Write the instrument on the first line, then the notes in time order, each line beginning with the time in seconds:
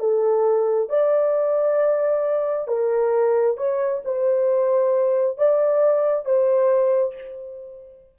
horn
0.00 A4
0.90 D5
2.68 A#4
3.57 C#5
4.05 C5
5.38 D5
6.25 C5